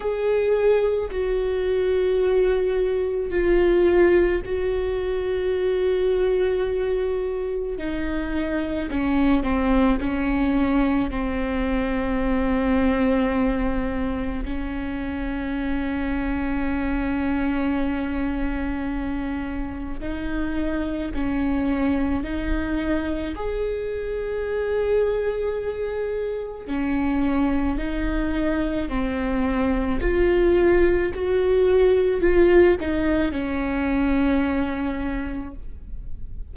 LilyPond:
\new Staff \with { instrumentName = "viola" } { \time 4/4 \tempo 4 = 54 gis'4 fis'2 f'4 | fis'2. dis'4 | cis'8 c'8 cis'4 c'2~ | c'4 cis'2.~ |
cis'2 dis'4 cis'4 | dis'4 gis'2. | cis'4 dis'4 c'4 f'4 | fis'4 f'8 dis'8 cis'2 | }